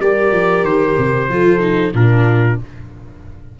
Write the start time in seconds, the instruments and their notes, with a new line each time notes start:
0.00 tuba G3, viola G4, horn A#4, trumpet D5
0.32 tuba F3
0.63 tuba D#3, trumpet C5
0.98 tuba C3
1.29 tuba F3, viola F4, horn A4
1.60 viola D#4
1.94 tuba A#2, viola D4, horn F4, trumpet A#4